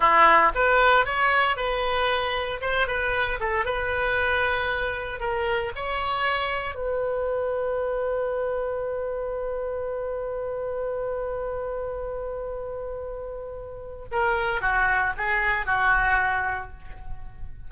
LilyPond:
\new Staff \with { instrumentName = "oboe" } { \time 4/4 \tempo 4 = 115 e'4 b'4 cis''4 b'4~ | b'4 c''8 b'4 a'8 b'4~ | b'2 ais'4 cis''4~ | cis''4 b'2.~ |
b'1~ | b'1~ | b'2. ais'4 | fis'4 gis'4 fis'2 | }